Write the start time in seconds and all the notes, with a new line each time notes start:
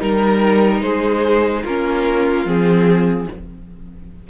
0.00 G3 D#4 A#4
0.81 G#3 G#4 C5
1.63 A#3 C#4 F4 A#4
2.45 F3 C4 G#4